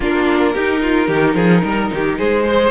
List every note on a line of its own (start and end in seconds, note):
0.00 0.55 A#3
0.00 0.55 D4
0.00 0.53 F4
0.00 2.19 A#4
0.53 1.08 D#4
0.53 2.47 D#4
0.53 0.80 G4
0.81 1.07 F4
1.07 1.34 D#3
1.07 1.34 G4
1.34 1.61 F3
1.34 1.62 G#4
1.63 1.91 G3
1.63 1.91 A#4
1.92 2.20 D#3
1.92 2.18 G4
2.18 2.70 G#3
2.18 2.45 G#4
2.18 2.70 C5
2.48 2.70 G#4
2.48 2.70 C5